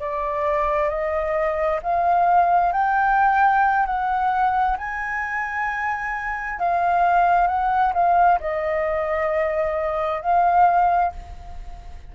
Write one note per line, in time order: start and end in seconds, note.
0.00 0.89 D5
0.89 1.80 D#5
1.83 2.72 F5
2.72 3.86 G5
3.86 4.77 F#5
4.78 6.60 G#5
6.60 7.48 F5
7.48 7.93 F#5
7.94 8.39 F5
8.40 10.21 D#5
10.21 11.12 F5